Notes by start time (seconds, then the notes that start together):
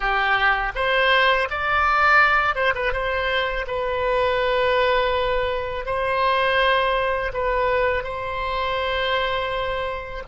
0.00 G4
0.75 C5
1.50 D5
2.55 C5
2.74 B4
2.92 C5
3.67 B4
5.85 C5
7.33 B4
8.03 C5